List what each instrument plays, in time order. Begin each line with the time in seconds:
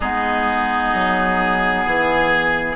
0.00 bassoon G#3, clarinet B3, oboe D#4 G#4
0.93 bassoon F#3
1.84 bassoon E3, oboe G#4